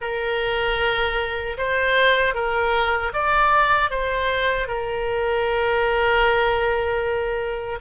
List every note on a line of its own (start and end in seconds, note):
0.01 1.57 A#4
1.57 2.34 C5
2.34 3.12 A#4
3.13 3.90 D5
3.90 4.67 C5
4.67 7.79 A#4